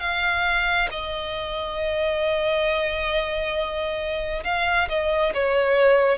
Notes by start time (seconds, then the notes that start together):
0.00 F5
0.91 D#5
4.44 F5
4.89 D#5
5.34 C#5